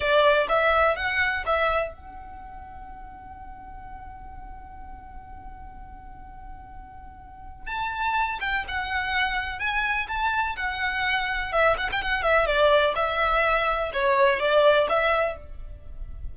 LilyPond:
\new Staff \with { instrumentName = "violin" } { \time 4/4 \tempo 4 = 125 d''4 e''4 fis''4 e''4 | fis''1~ | fis''1~ | fis''1 |
a''4. g''8 fis''2 | gis''4 a''4 fis''2 | e''8 fis''16 g''16 fis''8 e''8 d''4 e''4~ | e''4 cis''4 d''4 e''4 | }